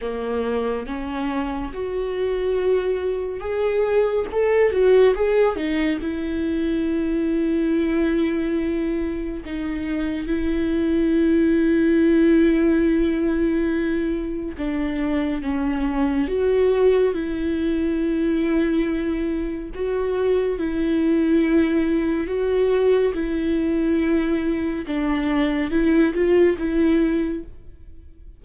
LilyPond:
\new Staff \with { instrumentName = "viola" } { \time 4/4 \tempo 4 = 70 ais4 cis'4 fis'2 | gis'4 a'8 fis'8 gis'8 dis'8 e'4~ | e'2. dis'4 | e'1~ |
e'4 d'4 cis'4 fis'4 | e'2. fis'4 | e'2 fis'4 e'4~ | e'4 d'4 e'8 f'8 e'4 | }